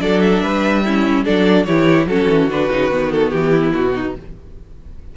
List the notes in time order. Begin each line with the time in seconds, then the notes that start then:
0.00 F#3 D4 A4 D5
0.20 E5
0.42 G3 B4
0.84 C#4 E4
1.24 F#3 D4 A4 D5
1.64 E3 E4 G4 C#5
2.06 F#3 C#4 F#4 A4
2.29 E3
2.48 D3 D4 B4
2.70 C#3 D#4
2.90 D#3 B3
3.11 A4
3.30 E3 G4
3.50 E4
3.73 B2 F#4
3.94 D#4